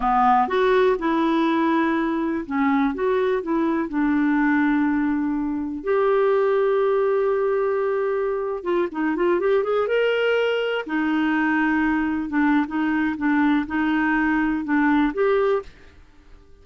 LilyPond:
\new Staff \with { instrumentName = "clarinet" } { \time 4/4 \tempo 4 = 123 b4 fis'4 e'2~ | e'4 cis'4 fis'4 e'4 | d'1 | g'1~ |
g'4.~ g'16 f'8 dis'8 f'8 g'8 gis'16~ | gis'16 ais'2 dis'4.~ dis'16~ | dis'4~ dis'16 d'8. dis'4 d'4 | dis'2 d'4 g'4 | }